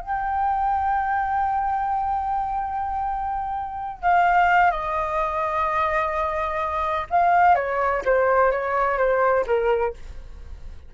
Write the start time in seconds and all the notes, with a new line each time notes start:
0.00 G5
4.02 F5
4.71 D#5
7.10 F5
7.55 C#5
8.04 C5
8.51 C#5
8.97 C5
9.46 A#4